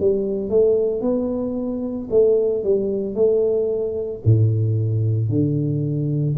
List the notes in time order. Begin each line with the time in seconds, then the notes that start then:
0.00 G3
0.50 A3
1.01 B3
2.10 A3
2.63 G3
3.15 A3
4.25 A2
5.29 D3